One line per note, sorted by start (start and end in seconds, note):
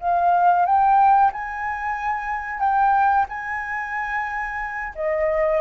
0.00 0.65 F5
0.65 1.31 G5
1.32 2.59 G#5
2.59 3.25 G5
3.28 4.93 G#5
4.95 5.60 D#5